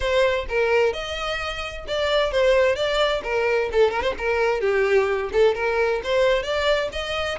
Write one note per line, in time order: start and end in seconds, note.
0.00 0.46 C5
0.48 0.93 A#4
0.93 1.85 D#5
1.87 2.31 D5
2.31 2.75 C5
2.75 3.21 D5
3.23 3.69 A#4
3.72 3.91 A4
3.91 4.02 A#4
4.02 4.13 C5
4.17 4.60 A#4
4.60 5.30 G4
5.32 5.54 A4
5.54 6.01 A#4
6.03 6.42 C5
6.42 6.89 D5
6.92 7.38 D#5